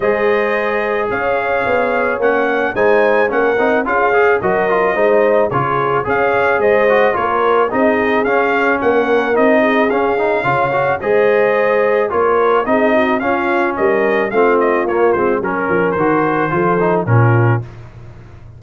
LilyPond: <<
  \new Staff \with { instrumentName = "trumpet" } { \time 4/4 \tempo 4 = 109 dis''2 f''2 | fis''4 gis''4 fis''4 f''4 | dis''2 cis''4 f''4 | dis''4 cis''4 dis''4 f''4 |
fis''4 dis''4 f''2 | dis''2 cis''4 dis''4 | f''4 dis''4 f''8 dis''8 cis''8 c''8 | ais'4 c''2 ais'4 | }
  \new Staff \with { instrumentName = "horn" } { \time 4/4 c''2 cis''2~ | cis''4 c''4 ais'4 gis'4 | ais'4 c''4 gis'4 cis''4 | c''4 ais'4 gis'2 |
ais'4. gis'4. cis''4 | c''2 ais'4 gis'8 fis'8 | f'4 ais'4 f'2 | ais'2 a'4 f'4 | }
  \new Staff \with { instrumentName = "trombone" } { \time 4/4 gis'1 | cis'4 dis'4 cis'8 dis'8 f'8 gis'8 | fis'8 f'8 dis'4 f'4 gis'4~ | gis'8 fis'8 f'4 dis'4 cis'4~ |
cis'4 dis'4 cis'8 dis'8 f'8 fis'8 | gis'2 f'4 dis'4 | cis'2 c'4 ais8 c'8 | cis'4 fis'4 f'8 dis'8 cis'4 | }
  \new Staff \with { instrumentName = "tuba" } { \time 4/4 gis2 cis'4 b4 | ais4 gis4 ais8 c'8 cis'4 | fis4 gis4 cis4 cis'4 | gis4 ais4 c'4 cis'4 |
ais4 c'4 cis'4 cis4 | gis2 ais4 c'4 | cis'4 g4 a4 ais8 gis8 | fis8 f8 dis4 f4 ais,4 | }
>>